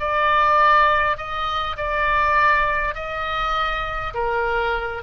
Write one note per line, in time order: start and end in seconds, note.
0.00 1.17 D5
1.17 1.77 D#5
1.77 2.95 D5
2.95 4.14 D#5
4.14 5.03 A#4